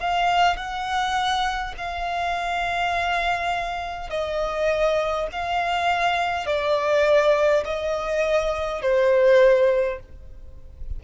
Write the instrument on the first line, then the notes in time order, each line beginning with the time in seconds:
violin
0.00 F5
0.57 F#5
1.78 F5
4.10 D#5
5.32 F5
6.46 D5
7.65 D#5
8.82 C5